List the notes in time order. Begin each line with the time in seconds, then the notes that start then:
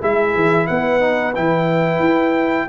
0.00 G#3 E4 G#4 E5
0.35 E3
0.67 B3 B4 F#5
1.00 D#4
1.35 E3 E4 G5
1.99 E4